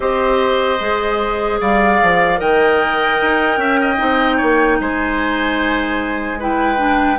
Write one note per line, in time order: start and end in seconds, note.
0.00 0.79 C4
0.00 0.79 G4
0.00 1.60 C5
0.00 1.60 D#5
0.80 1.60 G#3
0.80 2.36 G#4
1.60 2.01 G3
1.60 2.39 D5
1.60 2.40 F5
2.02 2.40 F3
2.36 3.20 D#3
2.36 3.96 A#4
2.36 3.59 D#5
2.36 4.80 G5
3.21 3.57 D#4
3.57 3.97 C#4
3.57 3.79 E5
3.81 4.37 D#5
3.97 4.41 C4
3.97 6.37 D#4
4.37 4.80 A#3
4.37 4.77 C#5
4.80 7.19 G#3
4.80 6.39 C5
4.80 6.40 G#5
6.39 6.76 E4
6.39 7.19 B4
6.39 7.19 G5
6.76 7.16 D4